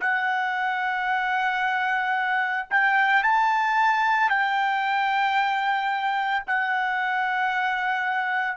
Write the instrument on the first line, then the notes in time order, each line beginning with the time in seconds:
trumpet
0.00 F#5
2.70 G5
3.23 A5
4.30 G5
6.47 F#5